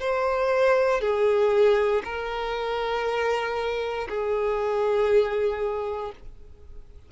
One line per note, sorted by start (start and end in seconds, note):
0.00 1.01 C5
1.01 2.02 G#4
2.04 4.08 A#4
4.09 6.12 G#4